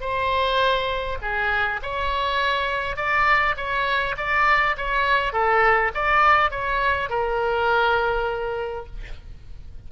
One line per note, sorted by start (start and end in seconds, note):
0.00 1.18 C5
1.22 1.80 G#4
1.82 2.96 C#5
2.96 3.55 D5
3.57 4.16 C#5
4.17 4.76 D5
4.77 5.33 C#5
5.33 5.91 A4
5.94 6.51 D5
6.51 7.09 C#5
7.09 8.86 A#4